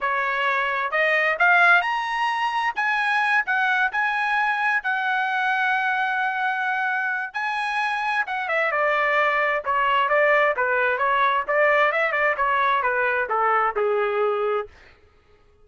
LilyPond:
\new Staff \with { instrumentName = "trumpet" } { \time 4/4 \tempo 4 = 131 cis''2 dis''4 f''4 | ais''2 gis''4. fis''8~ | fis''8 gis''2 fis''4.~ | fis''1 |
gis''2 fis''8 e''8 d''4~ | d''4 cis''4 d''4 b'4 | cis''4 d''4 e''8 d''8 cis''4 | b'4 a'4 gis'2 | }